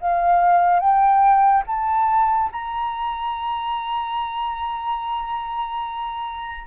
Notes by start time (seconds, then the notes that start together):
0.00 F5
0.80 G5
1.67 A5
2.52 A#5